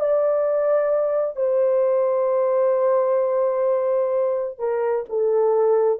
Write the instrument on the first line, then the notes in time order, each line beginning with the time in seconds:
horn
0.00 D5
1.36 C5
4.59 A#4
5.09 A4